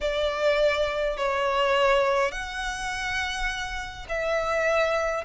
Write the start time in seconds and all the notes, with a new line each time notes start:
0.01 D5
1.17 C#5
2.31 F#5
4.08 E5